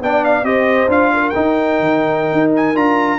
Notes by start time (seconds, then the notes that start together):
0.00 B3 D4 D5 G5
0.25 F5
0.43 C4 G4 C5 D#5
0.88 D4 F4 F5
1.14 A#4
1.30 D#4 G5
1.80 D#3
2.33 D#4
2.56 G#5
2.75 D4 F4 A#5